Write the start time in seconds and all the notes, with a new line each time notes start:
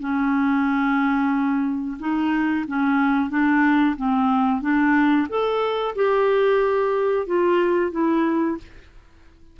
0.00 C#4
1.99 D#4
2.67 C#4
3.30 D4
3.97 C4
4.61 D4
5.29 A4
5.95 G4
7.27 F4
7.92 E4